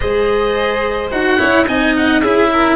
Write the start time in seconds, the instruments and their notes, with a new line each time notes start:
0.00 tuba G#3, cello G#4, violin C5, oboe D#5
1.11 tuba D#4, cello F#4, oboe F#5
1.37 tuba C#4, cello E4, violin C#5
1.67 tuba C4, cello D#4, violin D#5, oboe G#5
1.95 oboe F#5
2.21 tuba C#4, cello E4, violin G#4, oboe E5
2.52 violin A#4